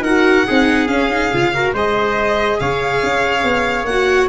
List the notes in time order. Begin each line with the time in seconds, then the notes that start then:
0.00 D#4 F#4 A#4 F#5
0.46 C4 D#4 G#4
0.87 C#4 F5
1.10 D#4
1.33 C#3 F4
1.54 F#4 A#4
1.73 G#3 G#4 C5 D#5
2.59 C#3 C#5 F5
3.03 C#4
3.43 B3
3.84 A#3 F#4 F#5